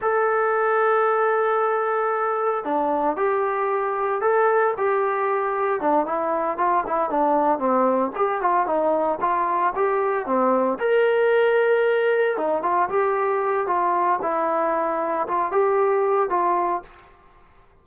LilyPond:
\new Staff \with { instrumentName = "trombone" } { \time 4/4 \tempo 4 = 114 a'1~ | a'4 d'4 g'2 | a'4 g'2 d'8 e'8~ | e'8 f'8 e'8 d'4 c'4 g'8 |
f'8 dis'4 f'4 g'4 c'8~ | c'8 ais'2. dis'8 | f'8 g'4. f'4 e'4~ | e'4 f'8 g'4. f'4 | }